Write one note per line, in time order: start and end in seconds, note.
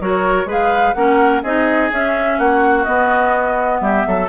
0.00 0.45 F#3
0.00 0.46 F#4
0.00 0.47 A#4
0.00 0.49 C#5
0.45 0.93 G#3
0.45 0.94 G#4
0.45 0.95 B4
0.51 0.94 F5
0.94 1.43 A#3
0.94 1.44 C#4
0.94 1.43 A#4
0.94 1.41 F#5
1.43 1.91 C4
1.43 1.92 D#4
1.43 2.38 G#4
1.43 1.91 D#5
1.91 2.39 C#4
1.91 2.86 C#4
1.91 2.39 E5
2.38 2.86 A#3
2.38 3.81 F#4
2.38 2.84 F#5
2.84 4.28 B3
2.84 3.80 B3
2.84 3.79 D#5
3.80 4.04 G3
3.80 4.07 G4
3.80 4.28 E5
4.07 4.29 F#3
4.07 4.29 A4